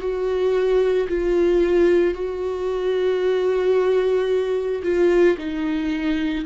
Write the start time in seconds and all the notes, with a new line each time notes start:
0.00 F#4
1.08 F4
2.14 F#4
4.83 F4
5.38 D#4